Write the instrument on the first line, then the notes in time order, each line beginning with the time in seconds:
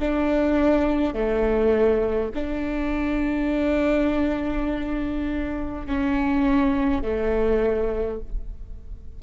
viola
0.00 D4
1.14 A3
2.35 D4
5.87 C#4
7.03 A3